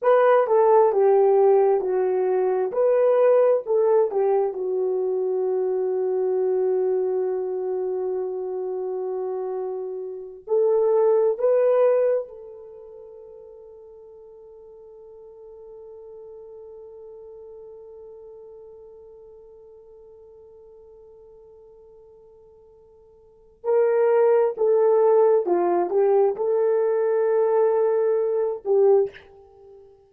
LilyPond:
\new Staff \with { instrumentName = "horn" } { \time 4/4 \tempo 4 = 66 b'8 a'8 g'4 fis'4 b'4 | a'8 g'8 fis'2.~ | fis'2.~ fis'8 a'8~ | a'8 b'4 a'2~ a'8~ |
a'1~ | a'1~ | a'2 ais'4 a'4 | f'8 g'8 a'2~ a'8 g'8 | }